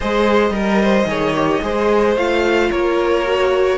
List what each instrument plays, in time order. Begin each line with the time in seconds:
0.00 cello G#3, viola G#4, violin C5 D#5
0.50 cello G3, viola A#4, violin A#4
0.82 violin C5
1.05 cello D#3, viola G#4, violin C#5
1.35 viola G4
1.62 cello G#3, viola G#4, violin C5
2.16 cello A3, viola F4, violin F5
2.69 cello A#3, violin A#4 C#5
3.25 viola F#4